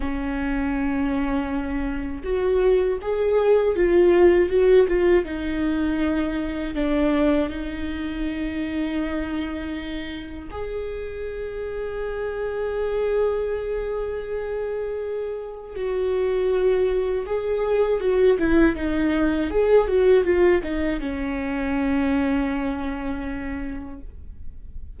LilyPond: \new Staff \with { instrumentName = "viola" } { \time 4/4 \tempo 4 = 80 cis'2. fis'4 | gis'4 f'4 fis'8 f'8 dis'4~ | dis'4 d'4 dis'2~ | dis'2 gis'2~ |
gis'1~ | gis'4 fis'2 gis'4 | fis'8 e'8 dis'4 gis'8 fis'8 f'8 dis'8 | cis'1 | }